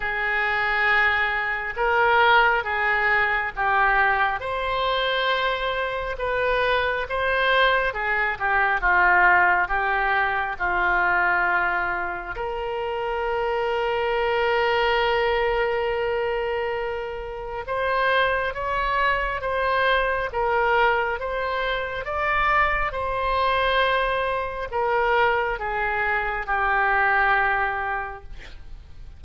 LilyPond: \new Staff \with { instrumentName = "oboe" } { \time 4/4 \tempo 4 = 68 gis'2 ais'4 gis'4 | g'4 c''2 b'4 | c''4 gis'8 g'8 f'4 g'4 | f'2 ais'2~ |
ais'1 | c''4 cis''4 c''4 ais'4 | c''4 d''4 c''2 | ais'4 gis'4 g'2 | }